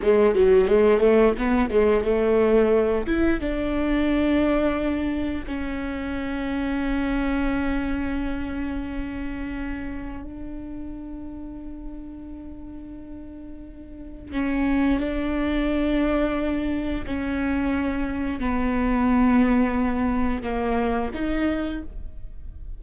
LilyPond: \new Staff \with { instrumentName = "viola" } { \time 4/4 \tempo 4 = 88 gis8 fis8 gis8 a8 b8 gis8 a4~ | a8 e'8 d'2. | cis'1~ | cis'2. d'4~ |
d'1~ | d'4 cis'4 d'2~ | d'4 cis'2 b4~ | b2 ais4 dis'4 | }